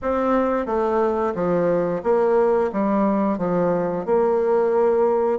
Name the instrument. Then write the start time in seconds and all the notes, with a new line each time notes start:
bassoon
0.02 C4
0.66 A3
1.34 F3
2.03 A#3
2.72 G3
3.38 F3
4.05 A#3